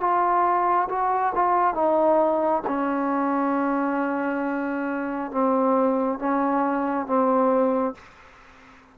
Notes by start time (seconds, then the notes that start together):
0.00 F4
0.89 F#4
1.35 F4
1.74 D#4
2.67 C#4
5.31 C4
6.19 C#4
7.07 C4